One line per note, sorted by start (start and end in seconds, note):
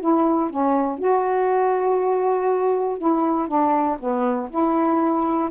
0.00 0.50 E4
0.50 0.99 C#4
0.99 2.98 F#4
2.98 3.47 E4
3.47 3.97 D4
3.99 4.49 B3
4.50 5.50 E4